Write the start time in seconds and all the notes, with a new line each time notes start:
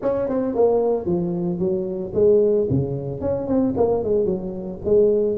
0.02 C#4
0.28 C4
0.54 A#3
1.05 F3
1.59 F#3
2.14 G#3
2.70 C#3
3.20 C#4
3.47 C4
3.76 A#3
4.03 G#3
4.25 F#3
4.85 G#3